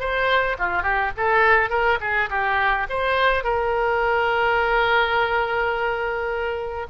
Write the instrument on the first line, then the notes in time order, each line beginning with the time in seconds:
oboe
0.00 C5
0.59 F4
0.83 G4
1.17 A4
1.70 A#4
2.01 G#4
2.30 G4
2.90 C5
3.44 A#4